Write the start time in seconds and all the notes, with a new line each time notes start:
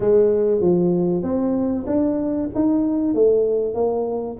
0.00 G#3
0.61 F3
1.22 C4
1.86 D4
2.54 D#4
3.14 A3
3.74 A#3